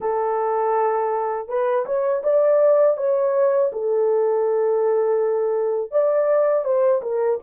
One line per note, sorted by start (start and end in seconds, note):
0.00 1.48 A4
1.48 1.85 B4
1.85 2.22 C#5
2.23 2.97 D5
2.97 3.71 C#5
3.72 5.91 A4
5.91 6.64 D5
6.64 7.01 C5
7.02 7.39 A#4